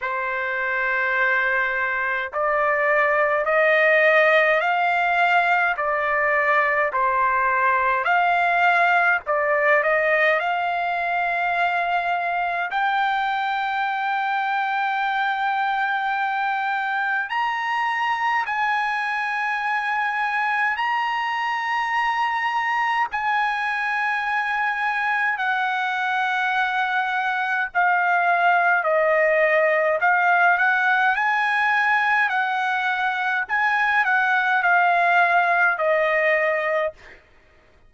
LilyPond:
\new Staff \with { instrumentName = "trumpet" } { \time 4/4 \tempo 4 = 52 c''2 d''4 dis''4 | f''4 d''4 c''4 f''4 | d''8 dis''8 f''2 g''4~ | g''2. ais''4 |
gis''2 ais''2 | gis''2 fis''2 | f''4 dis''4 f''8 fis''8 gis''4 | fis''4 gis''8 fis''8 f''4 dis''4 | }